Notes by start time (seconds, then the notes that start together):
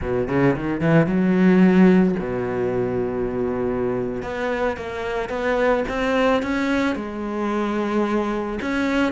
0.01 B2
0.28 C#3
0.56 D#3
0.80 E3
1.06 F#3
2.19 B2
4.22 B3
4.77 A#3
5.29 B3
5.88 C4
6.42 C#4
6.95 G#3
8.61 C#4